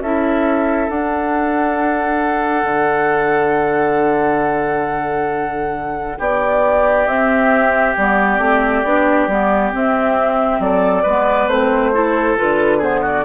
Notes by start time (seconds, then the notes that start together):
0.00 C#4 E4 A4 E5
0.90 D4 F#5
2.64 D3
6.18 B3 G4 D5
7.06 C4 E5
7.97 G3 B3 D5
8.38 A3 C4
8.84 B3 D4
9.28 G3 B3
9.73 C4 E5
10.59 F#3 A4 D5
11.03 G#3 B3 B4
11.47 A3 C4 C5
11.94 E4 A4
12.37 D3 F4 B4
12.78 B3 G#4 C5
13.02 F#4 D5